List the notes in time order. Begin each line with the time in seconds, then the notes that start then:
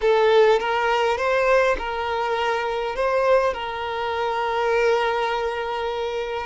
0.01 A4
0.59 A#4
1.17 C5
1.78 A#4
2.95 C5
3.53 A#4